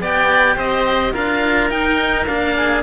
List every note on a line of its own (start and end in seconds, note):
0.00 0.57 B3
0.00 1.13 G4
0.00 0.56 D5
0.00 0.58 G5
0.56 1.14 C4
0.56 1.13 C5
0.56 1.15 D#5
1.13 1.71 D4
1.13 1.70 F4
1.13 2.55 A#4
1.13 1.70 F5
1.70 2.26 D#4
1.70 2.27 D#4
1.70 2.26 G5
2.26 2.83 A#3
2.26 2.83 D4
2.26 2.83 F5
2.57 2.83 G#4